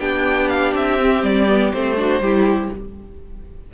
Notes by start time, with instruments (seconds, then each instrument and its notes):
0.00 cello B3, viola D4, violin G4 G5
0.49 violin F5
0.74 cello C4, violin E5
1.00 viola C4
1.23 cello G3, violin D5
1.48 viola B3
1.73 cello A3, viola C4, violin C5
1.97 viola D4, violin F#4
2.20 cello G3, viola E4, violin G4